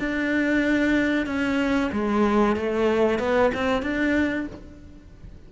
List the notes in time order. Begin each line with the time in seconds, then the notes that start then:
0.00 D4
1.27 C#4
1.93 G#3
2.57 A3
3.20 B3
3.55 C4
3.83 D4